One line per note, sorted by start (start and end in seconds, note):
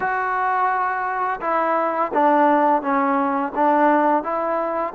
0.00 1.39 F#4
1.41 2.11 E4
2.13 2.81 D4
2.81 3.52 C#4
3.55 4.23 D4
4.23 4.93 E4